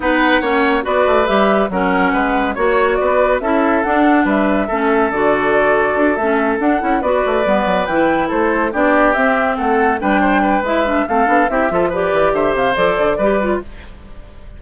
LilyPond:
<<
  \new Staff \with { instrumentName = "flute" } { \time 4/4 \tempo 4 = 141 fis''2 d''4 e''4 | fis''2 cis''4 d''4 | e''4 fis''4 e''2 | d''2~ d''8 e''4 fis''8~ |
fis''8 d''2 g''4 c''8~ | c''8 d''4 e''4 fis''4 g''8~ | g''4 e''4 f''4 e''4 | d''4 e''8 f''8 d''2 | }
  \new Staff \with { instrumentName = "oboe" } { \time 4/4 b'4 cis''4 b'2 | ais'4 b'4 cis''4 b'4 | a'2 b'4 a'4~ | a'1~ |
a'8 b'2. a'8~ | a'8 g'2 a'4 b'8 | c''8 b'4. a'4 g'8 a'8 | b'4 c''2 b'4 | }
  \new Staff \with { instrumentName = "clarinet" } { \time 4/4 dis'4 cis'4 fis'4 g'4 | cis'2 fis'2 | e'4 d'2 cis'4 | fis'2~ fis'8 cis'4 d'8 |
e'8 fis'4 b4 e'4.~ | e'8 d'4 c'2 d'8~ | d'4 e'8 d'8 c'8 d'8 e'8 f'8 | g'2 a'4 g'8 f'8 | }
  \new Staff \with { instrumentName = "bassoon" } { \time 4/4 b4 ais4 b8 a8 g4 | fis4 gis4 ais4 b4 | cis'4 d'4 g4 a4 | d2 d'8 a4 d'8 |
cis'8 b8 a8 g8 fis8 e4 a8~ | a8 b4 c'4 a4 g8~ | g4 gis4 a8 b8 c'8 f8~ | f8 e8 d8 c8 f8 d8 g4 | }
>>